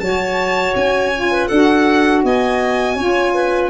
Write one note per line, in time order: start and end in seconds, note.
0.00 0.74 F#3
0.00 1.12 F#4
0.00 1.32 C#5
0.00 0.74 A5
0.75 1.49 C#4
0.75 1.48 G#5
1.14 1.50 F4
1.32 1.48 B4
1.48 2.24 D4
1.48 2.98 F#4
1.48 2.22 A4
1.48 2.22 F#5
2.24 2.96 B3
2.24 2.95 D#5
2.24 3.70 G#5
2.95 3.70 C#4
2.95 3.70 F4
2.95 3.32 C#5
3.33 3.70 B4